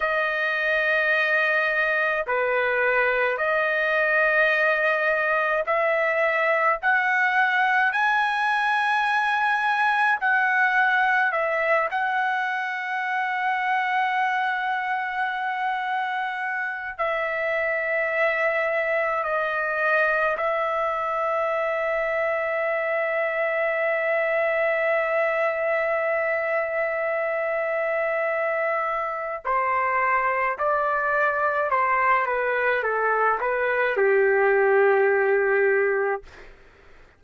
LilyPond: \new Staff \with { instrumentName = "trumpet" } { \time 4/4 \tempo 4 = 53 dis''2 b'4 dis''4~ | dis''4 e''4 fis''4 gis''4~ | gis''4 fis''4 e''8 fis''4.~ | fis''2. e''4~ |
e''4 dis''4 e''2~ | e''1~ | e''2 c''4 d''4 | c''8 b'8 a'8 b'8 g'2 | }